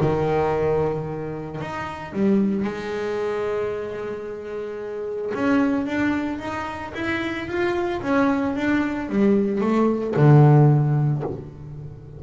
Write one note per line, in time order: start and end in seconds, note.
0.00 1.60 D#3
1.60 2.12 D#4
2.12 2.64 G3
2.64 5.32 G#3
5.34 5.86 C#4
5.86 6.39 D4
6.39 6.92 D#4
6.94 7.47 E4
7.47 8.01 F4
8.02 8.55 C#4
8.55 9.09 D4
9.09 9.60 G3
9.60 10.14 A3
10.16 11.23 D3